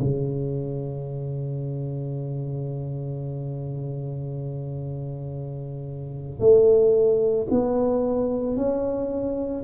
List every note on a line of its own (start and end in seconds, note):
0.00 6.40 C#3
6.40 7.47 A3
7.50 8.57 B3
8.57 9.64 C#4